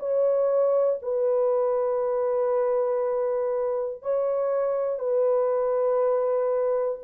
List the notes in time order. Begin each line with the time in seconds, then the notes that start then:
0.00 C#5
1.02 B4
4.02 C#5
5.00 B4